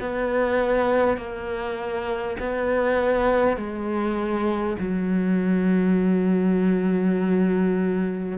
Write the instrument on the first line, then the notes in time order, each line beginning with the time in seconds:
cello
0.00 B3
1.17 A#3
2.39 B3
3.57 G#3
4.79 F#3